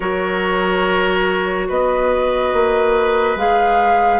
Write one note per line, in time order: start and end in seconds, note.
0.00 1.69 F#3
0.00 3.38 F#4
0.00 1.67 A#4
0.00 1.68 C#5
1.68 2.53 B3
1.68 4.20 B4
1.68 3.38 D#5
2.53 3.35 A#3
3.35 4.20 G#3
3.35 4.20 G#4
3.35 4.20 F5